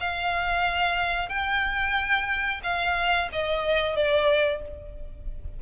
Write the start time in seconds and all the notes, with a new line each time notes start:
0.00 F5
1.29 G5
2.63 F5
3.32 D#5
3.96 D5